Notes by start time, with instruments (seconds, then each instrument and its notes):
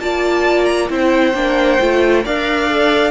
0.00 cello A#3, viola F4, violin D5 A5
0.66 violin A#5
0.89 cello C4, viola E4, violin C5 G5
1.34 cello A#3, viola D4
1.81 cello A3, viola F4
2.24 cello D4, viola A#4, violin D5 F5
2.70 viola A4